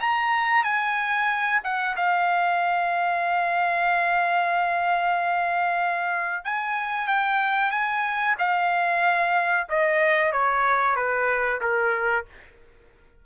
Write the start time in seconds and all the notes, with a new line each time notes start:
0.00 A#5
0.64 G#5
1.64 F#5
1.96 F5
6.44 G#5
7.07 G5
7.71 G#5
8.38 F5
9.69 D#5
10.32 C#5
10.96 B4
11.61 A#4